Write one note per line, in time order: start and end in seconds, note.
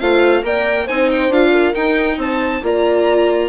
0.00 0.44 A3
0.00 0.43 F4
0.00 0.45 C5
0.00 0.44 F5
0.43 0.87 A#3
0.43 0.87 A#4
0.43 0.85 D5
0.43 0.88 G5
0.85 1.29 C4
0.85 1.32 D#4
0.85 1.51 C5
0.85 1.10 G#5
1.11 1.33 G5
1.29 1.73 D4
1.29 1.74 F4
1.29 1.75 F5
1.52 2.18 A#4
1.74 2.61 D#4
1.74 2.18 D#4
1.74 2.19 G5
2.18 2.62 C4
2.18 2.62 C5
2.18 2.65 A5
2.63 3.50 A#3
2.63 3.50 F4
2.63 3.50 D5
2.63 3.50 A#5